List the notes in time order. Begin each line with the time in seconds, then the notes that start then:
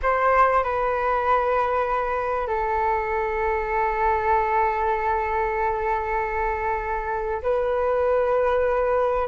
0.02 C5
0.63 B4
2.47 A4
7.42 B4